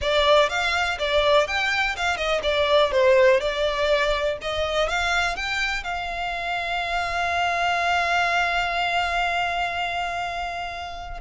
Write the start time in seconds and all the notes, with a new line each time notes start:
0.01 D5
0.49 F5
0.98 D5
1.47 G5
1.96 F5
2.17 D#5
2.42 D5
2.91 C5
3.40 D5
4.41 D#5
4.88 F5
5.35 G5
5.83 F5